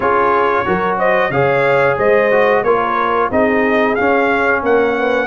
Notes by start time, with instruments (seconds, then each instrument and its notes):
0.00 tuba C#4, trombone F4, horn G#4, trumpet C#5
0.65 tuba F#3, trombone F#4, horn A#4
0.98 horn C5, trumpet D#5
1.30 tuba C#3, trombone G#4, horn C#5, trumpet F5
1.97 tuba G#3, horn C5, trumpet D#5
2.31 trombone F#4
2.63 tuba A#3, trombone F4, horn A#4, trumpet C#5
3.30 tuba C4, trombone D#4, horn G#4, trumpet D#5
3.95 trombone C#4, tuba C#4, trumpet F5
4.62 tuba A#3, horn A#4, trumpet F#5
4.97 horn B4